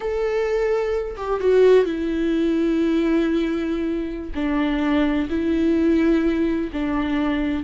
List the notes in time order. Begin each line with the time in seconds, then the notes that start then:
0.00 A4
1.17 G4
1.40 F#4
1.85 E4
4.34 D4
5.29 E4
6.72 D4